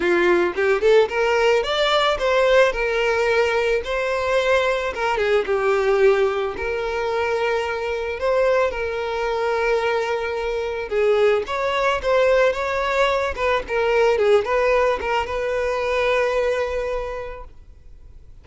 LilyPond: \new Staff \with { instrumentName = "violin" } { \time 4/4 \tempo 4 = 110 f'4 g'8 a'8 ais'4 d''4 | c''4 ais'2 c''4~ | c''4 ais'8 gis'8 g'2 | ais'2. c''4 |
ais'1 | gis'4 cis''4 c''4 cis''4~ | cis''8 b'8 ais'4 gis'8 b'4 ais'8 | b'1 | }